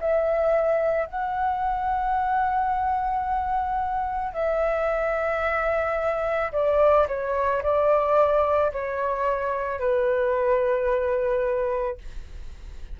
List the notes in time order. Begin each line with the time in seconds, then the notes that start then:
0.00 E5
1.06 F#5
4.33 E5
6.52 D5
7.07 C#5
7.62 D5
8.72 C#5
9.79 B4